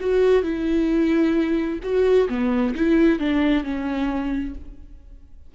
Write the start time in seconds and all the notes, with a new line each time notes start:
0.00 F#4
0.43 E4
1.83 F#4
2.29 B3
2.75 E4
3.19 D4
3.64 C#4